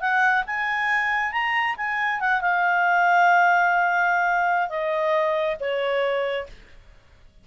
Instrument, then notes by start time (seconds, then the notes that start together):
clarinet
0.00 F#5
0.46 G#5
1.32 A#5
1.76 G#5
2.20 F#5
2.41 F5
4.69 D#5
5.59 C#5